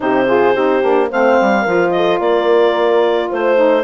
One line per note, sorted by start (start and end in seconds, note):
0.00 0.55 C3
0.00 0.26 D#4
0.00 0.27 G4
0.00 1.11 C5
0.26 0.53 F4
0.26 0.54 G#4
0.54 0.83 C4
0.54 0.81 D#4
0.54 1.09 G4
0.81 1.10 A#3
0.81 1.09 D4
1.09 1.40 A3
1.09 1.66 C4
1.09 1.61 C5
1.09 1.90 F5
1.41 1.66 G3
1.61 2.19 F3
1.61 3.55 F4
1.61 1.88 A#4
1.90 2.21 A4
1.90 2.18 D#5
2.19 3.29 A#3
2.19 3.30 A#4
2.19 3.30 D5
3.30 3.83 A3
3.30 3.83 C5
3.55 3.83 D#4